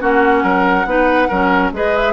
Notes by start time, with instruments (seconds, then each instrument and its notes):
0.00 bassoon A#3, clarinet C#4, oboe F#4, flute F#5
0.43 bassoon F#3, oboe A#4
0.85 bassoon B3, clarinet D#4, oboe B4
1.28 bassoon F#3, clarinet C#4, oboe A#4
1.71 bassoon G#3, clarinet G#4, oboe B4, flute D#5
1.95 flute E5